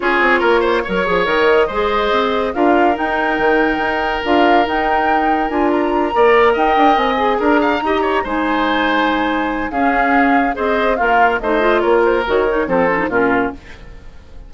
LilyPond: <<
  \new Staff \with { instrumentName = "flute" } { \time 4/4 \tempo 4 = 142 cis''2. dis''4~ | dis''2 f''4 g''4~ | g''2 f''4 g''4~ | g''4 gis''8 ais''2 g''8~ |
g''8 gis''4 ais''2 gis''8~ | gis''2. f''4~ | f''4 dis''4 f''4 dis''4 | cis''8 c''8 cis''4 c''4 ais'4 | }
  \new Staff \with { instrumentName = "oboe" } { \time 4/4 gis'4 ais'8 c''8 cis''2 | c''2 ais'2~ | ais'1~ | ais'2~ ais'8 d''4 dis''8~ |
dis''4. ais'8 f''8 dis''8 cis''8 c''8~ | c''2. gis'4~ | gis'4 c''4 f'4 c''4 | ais'2 a'4 f'4 | }
  \new Staff \with { instrumentName = "clarinet" } { \time 4/4 f'2 ais'8 gis'8 ais'4 | gis'2 f'4 dis'4~ | dis'2 f'4 dis'4~ | dis'4 f'4. ais'4.~ |
ais'4 gis'4. g'4 dis'8~ | dis'2. cis'4~ | cis'4 gis'4 ais'4 dis'8 f'8~ | f'4 fis'8 dis'8 c'8 cis'16 dis'16 cis'4 | }
  \new Staff \with { instrumentName = "bassoon" } { \time 4/4 cis'8 c'8 ais4 fis8 f8 dis4 | gis4 c'4 d'4 dis'4 | dis4 dis'4 d'4 dis'4~ | dis'4 d'4. ais4 dis'8 |
d'8 c'4 d'4 dis'4 gis8~ | gis2. cis'4~ | cis'4 c'4 ais4 a4 | ais4 dis4 f4 ais,4 | }
>>